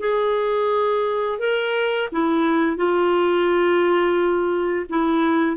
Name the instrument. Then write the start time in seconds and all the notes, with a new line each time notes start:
clarinet
0.00 G#4
1.39 A#4
2.12 E4
2.77 F4
4.90 E4